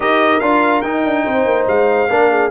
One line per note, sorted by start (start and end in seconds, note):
0.00 0.38 D#4
0.00 0.41 G4
0.00 1.24 A#4
0.00 0.40 D#5
0.40 0.83 D4
0.40 0.83 F4
0.40 0.81 F5
0.81 1.04 D#4
0.81 2.08 D#4
0.81 1.64 G5
1.04 1.25 D4
1.25 1.45 C4
1.25 2.09 C5
1.45 1.66 A#3
1.67 2.08 G#3
1.67 2.50 F5
2.09 2.50 A#3
2.09 2.50 D4
2.09 2.30 A#4
2.30 2.50 G#4